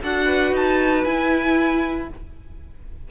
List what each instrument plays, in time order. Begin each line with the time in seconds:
0.00 cello D4, viola F#4, violin A4 F#5
0.25 violin B4
0.52 cello D#4, violin A5
1.04 cello E4, viola E4, violin G#5